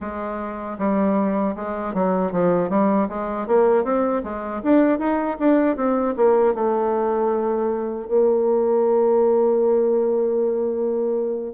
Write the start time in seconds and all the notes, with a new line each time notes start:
0.00 G#3
0.78 G3
1.55 G#3
1.94 F#3
2.31 F3
2.69 G3
3.08 G#3
3.47 A#3
3.84 C4
4.23 G#3
4.63 D4
4.98 D#4
5.39 D4
5.76 C4
6.16 A#3
6.54 A3
8.08 A#3